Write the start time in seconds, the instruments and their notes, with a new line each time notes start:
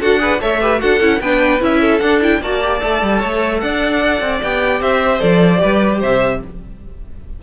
0.00 cello D4, viola F#4, violin A4 F#5
0.19 viola G#4, violin B4
0.40 cello A3, viola A4, violin C#5 E5
0.61 viola G4, violin B4
0.79 cello D4, viola F#4, violin A4 F#5
1.00 cello C#4, viola E4
1.20 cello B3, viola D4, violin B4 G5
1.60 cello C#4, viola E4, violin E5
1.80 violin A4
1.99 viola D4, cello D4, violin F#5
2.21 viola E4, violin G5
2.41 cello A#3, viola F#4, violin D5 A5
2.61 viola G4
2.79 cello A3, viola A4
3.02 cello G3
3.18 cello A3, violin C#5
3.59 cello D4, violin D5 F#5
4.21 cello C4
4.42 cello B3, viola G4, violin G5
4.80 cello C4, violin C5 E5
5.19 cello F3, viola A4, violin D5
5.57 cello G3, viola G4, violin B4
5.99 cello C3, violin C5 E5